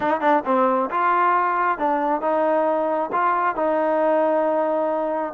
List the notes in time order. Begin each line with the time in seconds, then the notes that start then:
0.00 D#4
0.21 D4
0.45 C4
0.90 F4
1.78 D4
2.21 D#4
3.12 F4
3.55 D#4